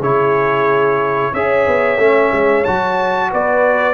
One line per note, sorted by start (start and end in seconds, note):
0.00 1.32 C#3
0.00 1.34 E4
0.00 1.32 G#4
0.00 1.34 C#5
1.33 1.66 C#4
1.33 1.99 G#4
1.33 3.30 C#5
1.33 2.64 E5
1.67 1.97 B3
1.97 2.30 A3
1.97 2.65 C#4
2.32 2.65 G#3
2.64 3.33 F#3
2.64 3.93 F#4
2.64 3.30 A5
3.30 3.93 B3
3.30 3.93 B4
3.30 3.93 D5